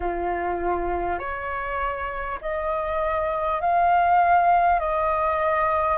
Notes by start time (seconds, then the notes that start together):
0.00 F4
1.18 C#5
2.41 D#5
3.61 F5
4.79 D#5